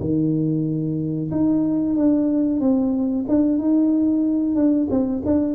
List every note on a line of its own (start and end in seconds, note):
0.00 1.30 D#3
1.31 1.96 D#4
1.96 2.60 D4
2.60 3.25 C4
3.28 3.58 D4
3.58 4.55 D#4
4.55 4.88 D4
4.90 5.23 C4
5.25 5.54 D4